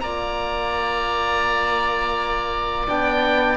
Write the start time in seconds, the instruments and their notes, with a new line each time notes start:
0.00 cello A#3, trombone F4, oboe D5 A#5
2.87 cello B3, trombone D4, oboe G5